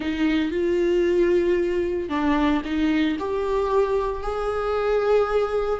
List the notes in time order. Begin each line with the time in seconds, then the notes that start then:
0.00 D#4
0.51 F4
2.09 D4
2.64 D#4
3.19 G4
4.22 G#4